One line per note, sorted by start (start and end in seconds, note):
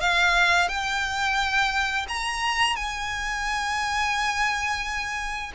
0.00 0.68 F5
0.68 2.06 G5
2.08 2.76 A#5
2.76 5.52 G#5